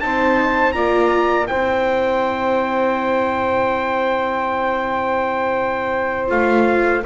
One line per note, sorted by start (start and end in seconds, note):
0.00 0.75 C4
0.00 0.74 D#4
0.00 0.74 C5
0.00 0.72 A5
0.72 1.49 A#3
0.72 1.47 F4
0.72 1.48 D5
0.72 1.46 A#5
1.47 6.31 C4
1.47 6.28 E4
1.47 7.05 C5
1.47 6.29 G5
6.28 7.05 A3
6.28 7.02 F4
6.28 7.04 F5